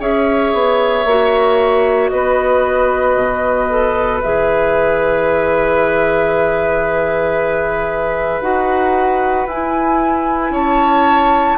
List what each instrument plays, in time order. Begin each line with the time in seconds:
0.00 bassoon C#4, clarinet G#4, oboe C#5, flute E5
0.54 bassoon B3
1.05 bassoon A#3, clarinet F#4
2.09 bassoon B3, oboe B4, flute D#5
3.16 bassoon B2
3.70 clarinet A4
4.22 bassoon E3, clarinet G#4, flute E5
8.41 bassoon D#4, clarinet F#4, flute F#5
9.46 bassoon E4, clarinet E4, flute G#5
10.50 bassoon C#4, oboe C#5, flute A5